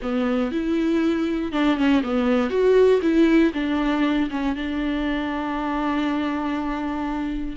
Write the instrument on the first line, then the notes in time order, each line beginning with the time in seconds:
viola
0.02 B3
0.51 E4
1.51 D4
1.76 C#4
2.03 B3
2.50 F#4
3.02 E4
3.53 D4
4.30 C#4
4.55 D4